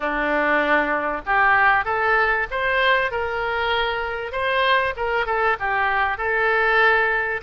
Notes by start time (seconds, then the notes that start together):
0.00 D4
1.25 G4
1.84 A4
2.50 C5
3.11 A#4
4.32 C5
4.96 A#4
5.25 A4
5.59 G4
6.17 A4